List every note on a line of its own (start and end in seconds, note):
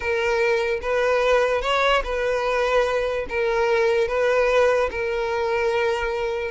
0.00 0.80 A#4
0.81 1.61 B4
1.61 2.02 C#5
2.04 3.26 B4
3.29 4.08 A#4
4.08 4.89 B4
4.90 6.51 A#4